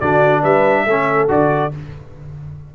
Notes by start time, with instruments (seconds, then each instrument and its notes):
0.00 tuba D3, trombone D4, horn F#4, trumpet D5
0.42 tuba G3, horn B4, trumpet E5
0.85 tuba A3, trombone C#4, horn A4
1.28 tuba D3, trombone F#4, trumpet D5